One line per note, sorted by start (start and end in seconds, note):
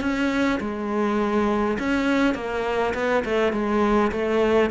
0.00 0.59 C#4
0.60 1.78 G#3
1.79 2.34 C#4
2.34 2.93 A#3
2.94 3.23 B3
3.25 3.52 A3
3.52 4.11 G#3
4.11 4.70 A3